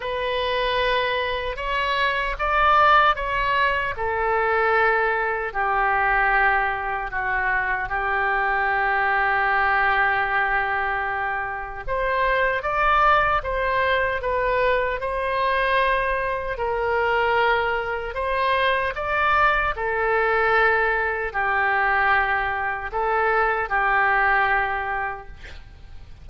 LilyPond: \new Staff \with { instrumentName = "oboe" } { \time 4/4 \tempo 4 = 76 b'2 cis''4 d''4 | cis''4 a'2 g'4~ | g'4 fis'4 g'2~ | g'2. c''4 |
d''4 c''4 b'4 c''4~ | c''4 ais'2 c''4 | d''4 a'2 g'4~ | g'4 a'4 g'2 | }